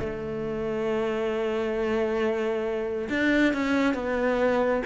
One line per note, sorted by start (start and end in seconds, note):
0.00 3.09 A3
3.09 3.53 D4
3.53 3.94 C#4
3.94 4.82 B3